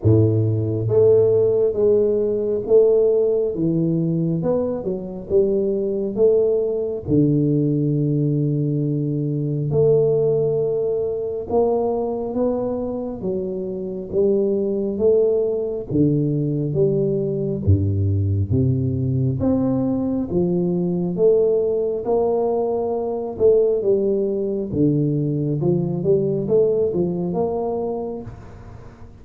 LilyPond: \new Staff \with { instrumentName = "tuba" } { \time 4/4 \tempo 4 = 68 a,4 a4 gis4 a4 | e4 b8 fis8 g4 a4 | d2. a4~ | a4 ais4 b4 fis4 |
g4 a4 d4 g4 | g,4 c4 c'4 f4 | a4 ais4. a8 g4 | d4 f8 g8 a8 f8 ais4 | }